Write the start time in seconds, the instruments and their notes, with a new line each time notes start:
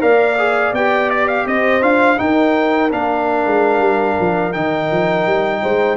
0.00 tuba A#3, trombone A#4, horn D5, trumpet F5
0.38 trombone G#4
0.72 tuba B3, trombone G4, trumpet G5
1.10 trumpet D5
1.28 trumpet F5
1.46 tuba C4, horn C5, trumpet D#5
1.82 tuba D4, trombone F4, trumpet F5
2.17 trombone D#4, tuba D#4, horn A#4, trumpet G5
2.90 tuba A#3, trombone D4, trumpet F5
3.46 tuba G#3
3.79 tuba G3
4.19 tuba F3
4.53 tuba D#3, trombone D#4, trumpet G5
4.91 tuba F3
5.26 tuba G3
5.62 tuba G#3, horn C5